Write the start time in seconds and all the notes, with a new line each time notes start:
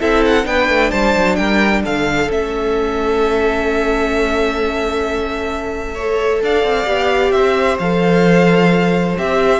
0.00 C4 E4 A4 E5
0.26 F#5
0.44 B3 D4 B4 G5
0.69 A3
0.91 G3 C5 A5
1.16 F#3
1.36 G3 A#4 G5
1.82 D3 A4 F5
2.27 A3 C#4 E5
5.95 A4 C#5
6.42 D4 D5 F5
6.63 C4
6.86 B3 G4
7.32 C4 C5 E5
7.79 F3 A4 F5
9.17 C4 G4 E5